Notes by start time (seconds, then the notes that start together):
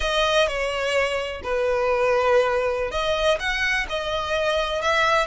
0.00 D#5
0.47 C#5
1.43 B4
2.91 D#5
3.39 F#5
3.89 D#5
4.81 E5